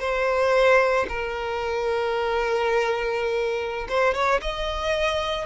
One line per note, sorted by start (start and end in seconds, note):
0.00 1.06 C5
1.09 3.88 A#4
3.89 4.14 C5
4.14 4.41 C#5
4.42 5.46 D#5